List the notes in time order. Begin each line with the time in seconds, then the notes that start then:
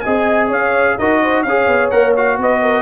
0.00 C4 G#4 D#5 G#5
0.48 C#4 C#5 F5
0.98 D#4 F#4 A#4 D#5
1.21 C5
1.43 C#4 G#4 C#5 F5
1.67 B3
1.90 A#3 A#4 F#5
2.16 F#4 F5
2.38 B3 B4 D#5
2.61 A#4